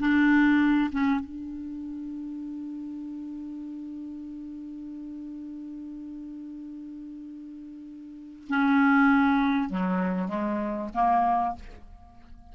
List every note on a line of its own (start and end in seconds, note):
0.00 0.91 D4
0.92 1.21 C#4
1.21 8.48 D4
8.49 9.70 C#4
9.70 10.29 F#3
10.29 10.90 G#3
10.95 11.56 A#3